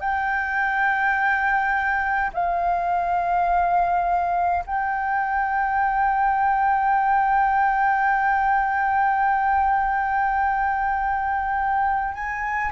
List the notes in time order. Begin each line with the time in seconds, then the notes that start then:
0.00 G5
2.33 F5
4.66 G5
12.14 G#5